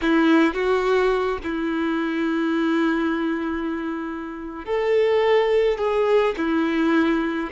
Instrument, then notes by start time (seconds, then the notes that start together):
violin
0.01 E4
0.54 F#4
1.43 E4
4.65 A4
5.78 G#4
6.37 E4